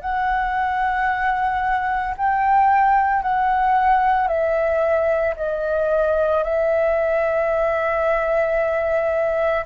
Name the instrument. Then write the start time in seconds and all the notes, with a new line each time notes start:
flute
0.00 F#5
2.17 G5
3.22 F#5
4.27 E5
5.36 D#5
6.43 E5